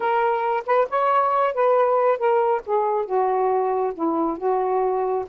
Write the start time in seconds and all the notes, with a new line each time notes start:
0.00 A#4
0.66 B4
0.89 C#5
1.53 B4
2.17 A#4
2.66 G#4
3.05 F#4
3.94 E4
4.37 F#4